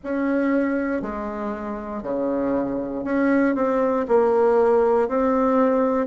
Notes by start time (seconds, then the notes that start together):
0.03 C#4
1.02 G#3
2.02 C#3
3.04 C#4
3.55 C4
4.08 A#3
5.08 C4